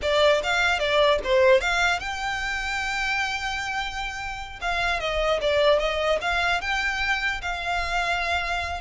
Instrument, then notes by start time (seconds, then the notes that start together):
violin
0.01 D5
0.43 F5
0.79 D5
1.23 C5
1.60 F5
1.99 G5
4.61 F5
4.99 D#5
5.41 D5
5.79 D#5
6.21 F5
6.61 G5
7.41 F5